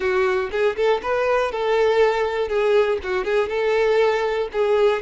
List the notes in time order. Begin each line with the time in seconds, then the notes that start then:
0.00 F#4
0.51 G#4
0.76 A4
1.02 B4
1.51 A4
2.48 G#4
3.03 F#4
3.24 G#4
3.48 A4
4.52 G#4